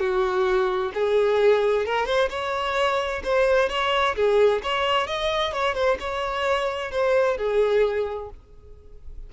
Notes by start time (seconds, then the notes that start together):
0.00 F#4
0.95 G#4
1.86 A#4
2.06 C5
2.30 C#5
3.24 C5
3.70 C#5
4.16 G#4
4.63 C#5
5.07 D#5
5.53 C#5
5.75 C5
6.00 C#5
6.92 C5
7.38 G#4